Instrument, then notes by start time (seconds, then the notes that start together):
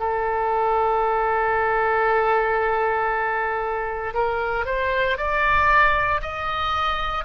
oboe
0.00 A4
4.14 A#4
4.66 C5
5.18 D5
6.23 D#5